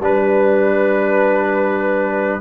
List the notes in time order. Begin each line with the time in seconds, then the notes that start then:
0.00 G3 D4 B4